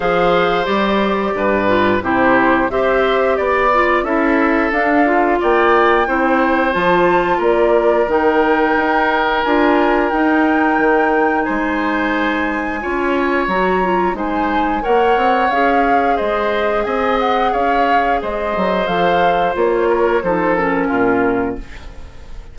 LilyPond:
<<
  \new Staff \with { instrumentName = "flute" } { \time 4/4 \tempo 4 = 89 f''4 d''2 c''4 | e''4 d''4 e''4 f''4 | g''2 a''4 d''4 | g''2 gis''4 g''4~ |
g''4 gis''2. | ais''4 gis''4 fis''4 f''4 | dis''4 gis''8 fis''8 f''4 dis''4 | f''4 cis''4 c''8 ais'4. | }
  \new Staff \with { instrumentName = "oboe" } { \time 4/4 c''2 b'4 g'4 | c''4 d''4 a'2 | d''4 c''2 ais'4~ | ais'1~ |
ais'4 c''2 cis''4~ | cis''4 c''4 cis''2 | c''4 dis''4 cis''4 c''4~ | c''4. ais'8 a'4 f'4 | }
  \new Staff \with { instrumentName = "clarinet" } { \time 4/4 gis'4 g'4. f'8 e'4 | g'4. f'8 e'4 d'8 f'8~ | f'4 e'4 f'2 | dis'2 f'4 dis'4~ |
dis'2. f'4 | fis'8 f'8 dis'4 ais'4 gis'4~ | gis'1 | a'4 f'4 dis'8 cis'4. | }
  \new Staff \with { instrumentName = "bassoon" } { \time 4/4 f4 g4 g,4 c4 | c'4 b4 cis'4 d'4 | ais4 c'4 f4 ais4 | dis4 dis'4 d'4 dis'4 |
dis4 gis2 cis'4 | fis4 gis4 ais8 c'8 cis'4 | gis4 c'4 cis'4 gis8 fis8 | f4 ais4 f4 ais,4 | }
>>